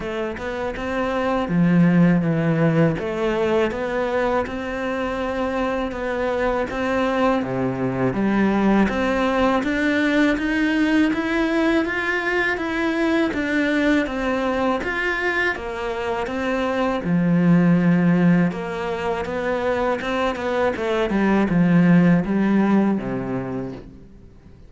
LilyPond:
\new Staff \with { instrumentName = "cello" } { \time 4/4 \tempo 4 = 81 a8 b8 c'4 f4 e4 | a4 b4 c'2 | b4 c'4 c4 g4 | c'4 d'4 dis'4 e'4 |
f'4 e'4 d'4 c'4 | f'4 ais4 c'4 f4~ | f4 ais4 b4 c'8 b8 | a8 g8 f4 g4 c4 | }